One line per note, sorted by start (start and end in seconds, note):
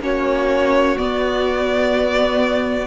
0.00 0.95 A#3
0.00 0.96 C#4
0.00 2.87 F#4
0.00 0.97 C#5
0.97 2.87 B3
0.97 2.87 D5